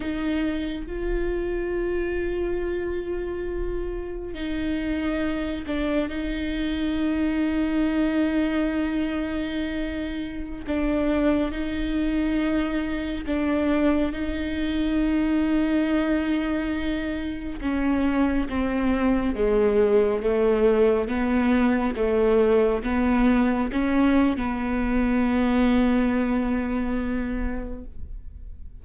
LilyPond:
\new Staff \with { instrumentName = "viola" } { \time 4/4 \tempo 4 = 69 dis'4 f'2.~ | f'4 dis'4. d'8 dis'4~ | dis'1~ | dis'16 d'4 dis'2 d'8.~ |
d'16 dis'2.~ dis'8.~ | dis'16 cis'4 c'4 gis4 a8.~ | a16 b4 a4 b4 cis'8. | b1 | }